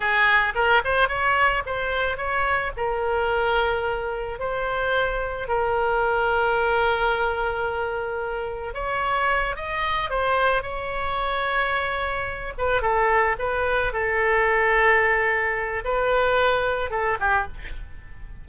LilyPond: \new Staff \with { instrumentName = "oboe" } { \time 4/4 \tempo 4 = 110 gis'4 ais'8 c''8 cis''4 c''4 | cis''4 ais'2. | c''2 ais'2~ | ais'1 |
cis''4. dis''4 c''4 cis''8~ | cis''2. b'8 a'8~ | a'8 b'4 a'2~ a'8~ | a'4 b'2 a'8 g'8 | }